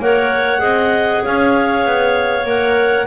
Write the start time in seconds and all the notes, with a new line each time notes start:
0.00 A#3 A#4 C#5 F#5
0.58 C4 G#4 D#5
1.24 C#4 C#5 F5
1.85 B3
2.46 A#3 A#4 F#5